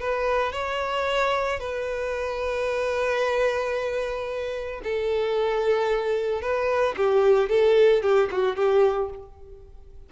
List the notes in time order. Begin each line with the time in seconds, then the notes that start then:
0.00 B4
0.52 C#5
1.59 B4
4.83 A4
6.41 B4
6.96 G4
7.49 A4
8.02 G4
8.31 F#4
8.56 G4